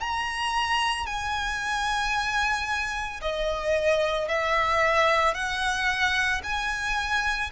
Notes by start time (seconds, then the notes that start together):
0.00 A#5
1.06 G#5
3.21 D#5
4.28 E5
5.34 F#5
6.43 G#5